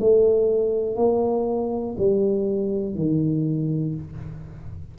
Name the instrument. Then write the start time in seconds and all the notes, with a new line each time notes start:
tuba
0.00 A3
0.96 A#3
1.98 G3
2.95 D#3